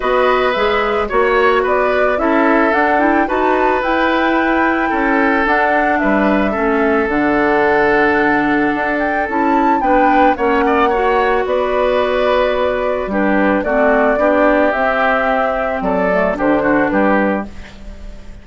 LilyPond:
<<
  \new Staff \with { instrumentName = "flute" } { \time 4/4 \tempo 4 = 110 dis''4 e''4 cis''4 d''4 | e''4 fis''8 g''8 a''4 g''4~ | g''2 fis''4 e''4~ | e''4 fis''2.~ |
fis''8 g''8 a''4 g''4 fis''4~ | fis''4 d''2. | b'4 d''2 e''4~ | e''4 d''4 c''4 b'4 | }
  \new Staff \with { instrumentName = "oboe" } { \time 4/4 b'2 cis''4 b'4 | a'2 b'2~ | b'4 a'2 b'4 | a'1~ |
a'2 b'4 cis''8 d''8 | cis''4 b'2. | g'4 fis'4 g'2~ | g'4 a'4 g'8 fis'8 g'4 | }
  \new Staff \with { instrumentName = "clarinet" } { \time 4/4 fis'4 gis'4 fis'2 | e'4 d'8 e'8 fis'4 e'4~ | e'2 d'2 | cis'4 d'2.~ |
d'4 e'4 d'4 cis'4 | fis'1 | d'4 c'4 d'4 c'4~ | c'4. a8 d'2 | }
  \new Staff \with { instrumentName = "bassoon" } { \time 4/4 b4 gis4 ais4 b4 | cis'4 d'4 dis'4 e'4~ | e'4 cis'4 d'4 g4 | a4 d2. |
d'4 cis'4 b4 ais4~ | ais4 b2. | g4 a4 b4 c'4~ | c'4 fis4 d4 g4 | }
>>